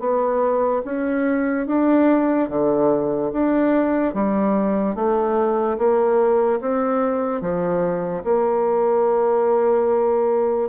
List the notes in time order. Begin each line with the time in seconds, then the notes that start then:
0.00 B3
0.85 C#4
1.67 D4
2.50 D3
3.33 D4
4.14 G3
4.96 A3
5.78 A#3
6.62 C4
7.42 F3
8.24 A#3